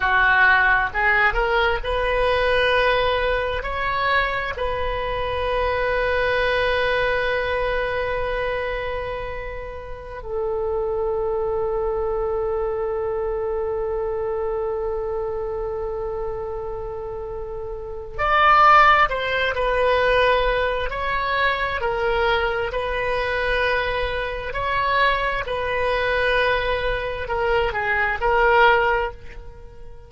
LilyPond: \new Staff \with { instrumentName = "oboe" } { \time 4/4 \tempo 4 = 66 fis'4 gis'8 ais'8 b'2 | cis''4 b'2.~ | b'2.~ b'16 a'8.~ | a'1~ |
a'1 | d''4 c''8 b'4. cis''4 | ais'4 b'2 cis''4 | b'2 ais'8 gis'8 ais'4 | }